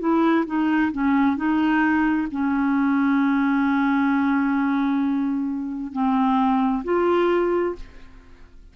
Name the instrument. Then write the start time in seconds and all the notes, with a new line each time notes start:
clarinet
0.00 E4
0.47 D#4
0.92 C#4
1.37 D#4
2.31 C#4
5.93 C4
6.85 F4